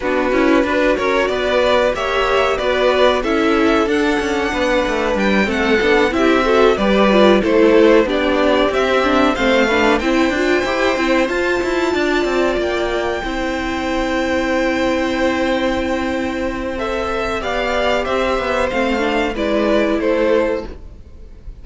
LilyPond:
<<
  \new Staff \with { instrumentName = "violin" } { \time 4/4 \tempo 4 = 93 b'4. cis''8 d''4 e''4 | d''4 e''4 fis''2 | g''8 fis''4 e''4 d''4 c''8~ | c''8 d''4 e''4 f''4 g''8~ |
g''4. a''2 g''8~ | g''1~ | g''2 e''4 f''4 | e''4 f''4 d''4 c''4 | }
  \new Staff \with { instrumentName = "violin" } { \time 4/4 fis'4 b'8 ais'8 b'4 cis''4 | b'4 a'2 b'4~ | b'8 a'4 g'8 a'8 b'4 a'8~ | a'8 g'2 c''8 b'8 c''8~ |
c''2~ c''8 d''4.~ | d''8 c''2.~ c''8~ | c''2. d''4 | c''2 b'4 a'4 | }
  \new Staff \with { instrumentName = "viola" } { \time 4/4 d'8 e'8 fis'2 g'4 | fis'4 e'4 d'2~ | d'8 c'8 d'8 e'8 fis'8 g'8 f'8 e'8~ | e'8 d'4 c'8 d'8 c'8 d'8 e'8 |
f'8 g'8 e'8 f'2~ f'8~ | f'8 e'2.~ e'8~ | e'2 a'4 g'4~ | g'4 c'8 d'8 e'2 | }
  \new Staff \with { instrumentName = "cello" } { \time 4/4 b8 cis'8 d'8 cis'8 b4 ais4 | b4 cis'4 d'8 cis'8 b8 a8 | g8 a8 b8 c'4 g4 a8~ | a8 b4 c'4 a4 c'8 |
d'8 e'8 c'8 f'8 e'8 d'8 c'8 ais8~ | ais8 c'2.~ c'8~ | c'2. b4 | c'8 b8 a4 gis4 a4 | }
>>